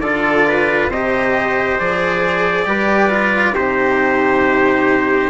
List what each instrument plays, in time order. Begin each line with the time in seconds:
0.00 bassoon D3, cello F4, trumpet A4 D5
0.47 trumpet B4
0.88 bassoon C3, cello G4, trumpet C5 D#5
1.79 bassoon F3, cello G#4, trumpet D5
2.66 bassoon G3, cello G4, trumpet B4
3.10 cello F4
3.54 bassoon C3, cello D#4, trumpet G4 C5